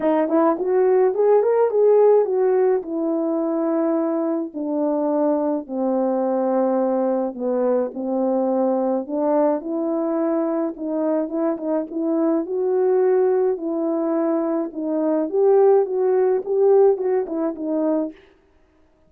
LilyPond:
\new Staff \with { instrumentName = "horn" } { \time 4/4 \tempo 4 = 106 dis'8 e'8 fis'4 gis'8 ais'8 gis'4 | fis'4 e'2. | d'2 c'2~ | c'4 b4 c'2 |
d'4 e'2 dis'4 | e'8 dis'8 e'4 fis'2 | e'2 dis'4 g'4 | fis'4 g'4 fis'8 e'8 dis'4 | }